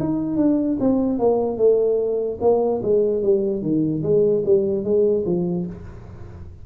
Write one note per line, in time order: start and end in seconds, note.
0.00 0.37 D#4
0.37 0.78 D4
0.80 1.19 C4
1.19 1.58 A#3
1.58 2.39 A3
2.41 2.82 A#3
2.83 3.23 G#3
3.23 3.62 G3
3.62 4.03 D#3
4.03 4.44 G#3
4.46 4.84 G3
4.84 5.25 G#3
5.26 5.66 F3